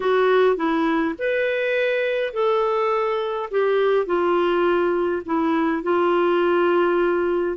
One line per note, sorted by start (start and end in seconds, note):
0.00 0.56 F#4
0.56 1.14 E4
1.18 2.33 B4
2.33 3.49 A4
3.51 4.06 G4
4.06 5.22 F4
5.25 5.83 E4
5.83 7.57 F4